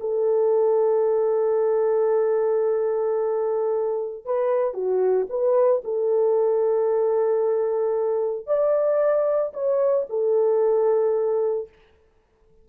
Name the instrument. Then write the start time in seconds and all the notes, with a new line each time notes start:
horn
0.00 A4
4.25 B4
4.74 F#4
5.29 B4
5.84 A4
8.46 D5
9.53 C#5
10.09 A4